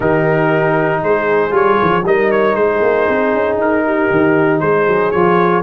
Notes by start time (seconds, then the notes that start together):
0.00 D#3 D#4 G4 A#4
1.02 G#3 G#4 C5
1.50 G3 F4 C#5
1.81 F3
2.03 G3 D#4 A#4 D#5
2.31 C#5
2.54 G#3 G#4 C5
2.81 A#3
3.08 C4
3.34 C#4
3.56 D#4 A#4
3.85 G4
4.11 D#3
4.60 G#3 G#4 C5
4.87 F#3
5.11 F3 F4 C#5